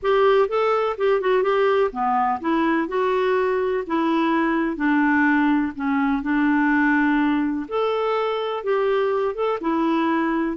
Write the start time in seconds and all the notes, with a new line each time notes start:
0.02 G4
0.48 A4
0.97 G4
1.20 F#4
1.42 G4
1.91 B3
2.40 E4
2.88 F#4
3.86 E4
4.76 D4
5.75 C#4
6.22 D4
7.68 A4
8.63 G4
9.35 A4
9.60 E4